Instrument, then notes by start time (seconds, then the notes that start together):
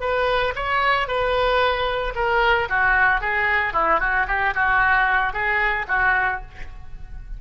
oboe
0.00 B4
0.55 C#5
1.07 B4
2.15 A#4
2.69 F#4
3.20 G#4
3.73 E4
4.00 F#4
4.27 G4
4.54 F#4
5.33 G#4
5.88 F#4